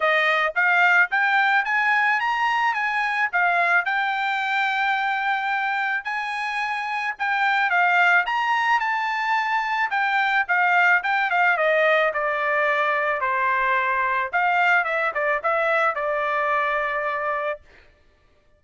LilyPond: \new Staff \with { instrumentName = "trumpet" } { \time 4/4 \tempo 4 = 109 dis''4 f''4 g''4 gis''4 | ais''4 gis''4 f''4 g''4~ | g''2. gis''4~ | gis''4 g''4 f''4 ais''4 |
a''2 g''4 f''4 | g''8 f''8 dis''4 d''2 | c''2 f''4 e''8 d''8 | e''4 d''2. | }